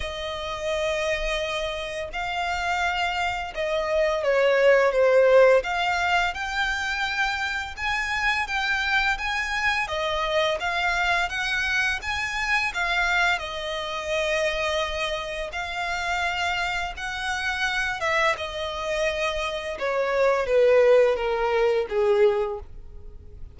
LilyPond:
\new Staff \with { instrumentName = "violin" } { \time 4/4 \tempo 4 = 85 dis''2. f''4~ | f''4 dis''4 cis''4 c''4 | f''4 g''2 gis''4 | g''4 gis''4 dis''4 f''4 |
fis''4 gis''4 f''4 dis''4~ | dis''2 f''2 | fis''4. e''8 dis''2 | cis''4 b'4 ais'4 gis'4 | }